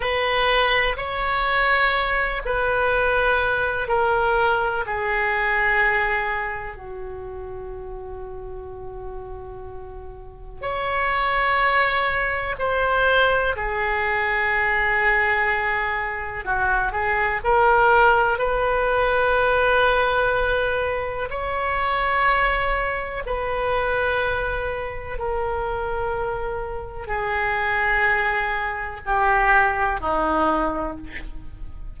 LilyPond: \new Staff \with { instrumentName = "oboe" } { \time 4/4 \tempo 4 = 62 b'4 cis''4. b'4. | ais'4 gis'2 fis'4~ | fis'2. cis''4~ | cis''4 c''4 gis'2~ |
gis'4 fis'8 gis'8 ais'4 b'4~ | b'2 cis''2 | b'2 ais'2 | gis'2 g'4 dis'4 | }